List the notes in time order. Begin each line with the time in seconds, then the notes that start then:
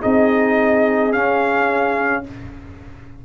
0.00 C4 D#4 G#4 D#5
1.12 C#4 F5